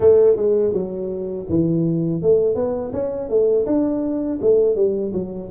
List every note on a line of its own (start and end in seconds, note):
0.00 0.36 A3
0.36 0.73 G#3
0.73 1.46 F#3
1.49 2.22 E3
2.22 2.55 A3
2.55 2.91 B3
2.93 3.29 C#4
3.29 3.66 A3
3.66 4.39 D4
4.41 4.75 A3
4.75 5.12 G3
5.13 5.49 F#3